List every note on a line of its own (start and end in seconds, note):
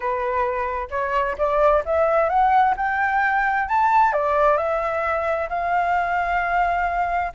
0.00 0.88 B4
0.90 1.36 C#5
1.37 1.83 D5
1.85 2.29 E5
2.29 2.74 F#5
2.76 3.68 G5
3.68 4.13 A5
4.13 4.57 D5
4.57 5.48 E5
5.49 7.32 F5